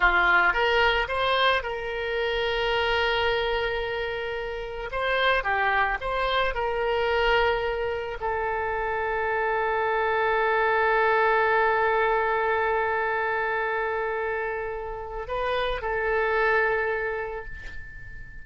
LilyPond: \new Staff \with { instrumentName = "oboe" } { \time 4/4 \tempo 4 = 110 f'4 ais'4 c''4 ais'4~ | ais'1~ | ais'4 c''4 g'4 c''4 | ais'2. a'4~ |
a'1~ | a'1~ | a'1 | b'4 a'2. | }